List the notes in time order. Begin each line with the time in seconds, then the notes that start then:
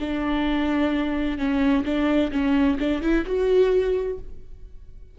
0.00 D4
1.38 C#4
1.85 D4
2.32 C#4
2.79 D4
3.01 E4
3.26 F#4